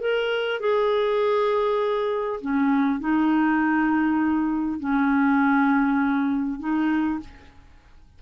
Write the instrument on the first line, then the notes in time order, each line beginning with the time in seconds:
clarinet
0.00 A#4
0.60 G#4
2.41 C#4
3.00 D#4
4.79 C#4
6.60 D#4